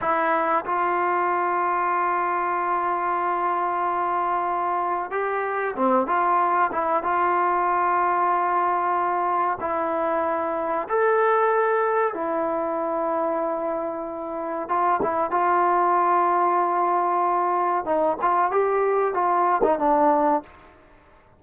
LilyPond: \new Staff \with { instrumentName = "trombone" } { \time 4/4 \tempo 4 = 94 e'4 f'2.~ | f'1 | g'4 c'8 f'4 e'8 f'4~ | f'2. e'4~ |
e'4 a'2 e'4~ | e'2. f'8 e'8 | f'1 | dis'8 f'8 g'4 f'8. dis'16 d'4 | }